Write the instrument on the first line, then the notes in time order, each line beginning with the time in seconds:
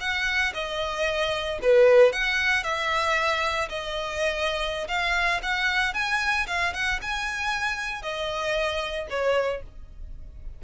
violin
0.00 F#5
0.53 D#5
1.62 B4
2.12 F#5
2.63 E5
3.69 D#5
4.88 F5
5.42 F#5
5.94 G#5
6.47 F5
6.73 F#5
7.01 G#5
8.02 D#5
9.09 C#5